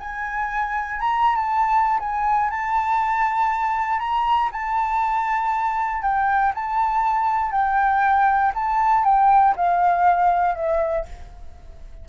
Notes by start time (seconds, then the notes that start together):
0.00 G#5
1.01 A#5
1.36 A5
2.00 G#5
2.50 A5
4.00 A#5
4.52 A5
6.03 G5
6.55 A5
7.52 G5
8.55 A5
9.04 G5
9.56 F5
10.55 E5